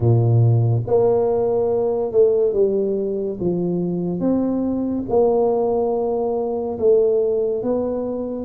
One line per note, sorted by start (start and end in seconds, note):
0.00 0.83 A#2
0.86 2.11 A#3
2.11 2.53 A3
2.53 3.38 G3
3.40 4.19 F3
4.19 5.04 C4
5.09 6.78 A#3
6.78 7.62 A3
7.62 8.45 B3